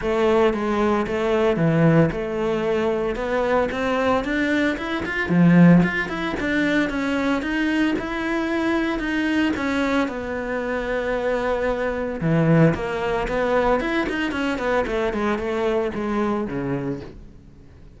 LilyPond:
\new Staff \with { instrumentName = "cello" } { \time 4/4 \tempo 4 = 113 a4 gis4 a4 e4 | a2 b4 c'4 | d'4 e'8 f'8 f4 f'8 e'8 | d'4 cis'4 dis'4 e'4~ |
e'4 dis'4 cis'4 b4~ | b2. e4 | ais4 b4 e'8 dis'8 cis'8 b8 | a8 gis8 a4 gis4 cis4 | }